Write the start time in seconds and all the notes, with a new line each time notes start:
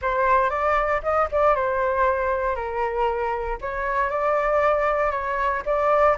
0.01 C5
0.49 D5
1.03 D#5
1.31 D5
1.55 C5
2.55 A#4
3.61 C#5
4.09 D5
5.11 C#5
5.65 D5